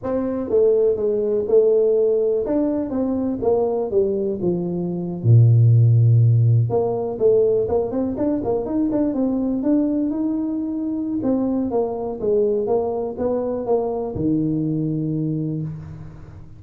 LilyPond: \new Staff \with { instrumentName = "tuba" } { \time 4/4 \tempo 4 = 123 c'4 a4 gis4 a4~ | a4 d'4 c'4 ais4 | g4 f4.~ f16 ais,4~ ais,16~ | ais,4.~ ais,16 ais4 a4 ais16~ |
ais16 c'8 d'8 ais8 dis'8 d'8 c'4 d'16~ | d'8. dis'2~ dis'16 c'4 | ais4 gis4 ais4 b4 | ais4 dis2. | }